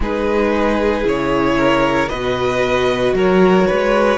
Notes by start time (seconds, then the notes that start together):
0.00 G#3 D#4 G#4 B4
1.03 C#3 E4 C#5
1.57 A#4
2.08 B2 F#4 B4 D#5
3.13 F#3 A#4 C#5
3.67 G#3 B4